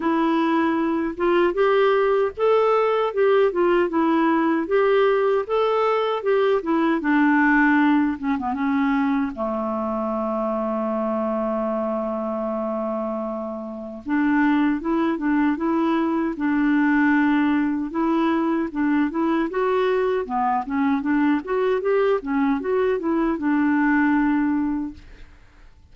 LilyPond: \new Staff \with { instrumentName = "clarinet" } { \time 4/4 \tempo 4 = 77 e'4. f'8 g'4 a'4 | g'8 f'8 e'4 g'4 a'4 | g'8 e'8 d'4. cis'16 b16 cis'4 | a1~ |
a2 d'4 e'8 d'8 | e'4 d'2 e'4 | d'8 e'8 fis'4 b8 cis'8 d'8 fis'8 | g'8 cis'8 fis'8 e'8 d'2 | }